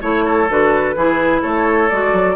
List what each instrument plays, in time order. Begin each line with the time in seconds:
0.00 bassoon A3, clarinet E4, oboe C#5, flute C#5
0.24 oboe A4
0.49 bassoon D3, clarinet F#4, flute B4
0.95 bassoon E3, clarinet E4, oboe G#4
1.41 bassoon A3, oboe A4, flute C#5
1.88 bassoon G#3, clarinet F#4, flute D5
2.13 bassoon F#3